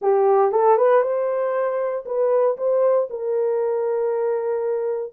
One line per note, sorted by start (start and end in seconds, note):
0.01 0.51 G4
0.51 0.77 A4
0.77 1.02 B4
1.02 2.04 C5
2.05 2.56 B4
2.57 3.08 C5
3.09 5.13 A#4